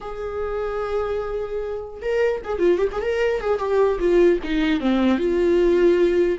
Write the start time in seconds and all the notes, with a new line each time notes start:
0.01 G#4
2.01 A#4
2.44 G#4
2.58 F4
2.78 G4
2.92 G#4
3.01 A#4
3.41 G#4
3.59 G4
3.99 F4
4.43 D#4
4.80 C4
5.18 F4